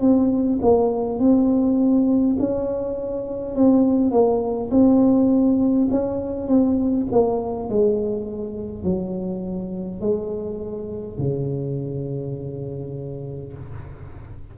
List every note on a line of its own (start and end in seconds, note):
0.00 0.59 C4
0.61 1.19 A#3
1.19 2.37 C4
2.39 3.55 C#4
3.55 4.11 C4
4.11 4.70 A#3
4.71 5.88 C4
5.91 6.48 C#4
6.48 7.06 C4
7.11 7.70 A#3
7.70 8.84 G#3
8.84 10.01 F#3
10.01 11.18 G#3
11.18 13.53 C#3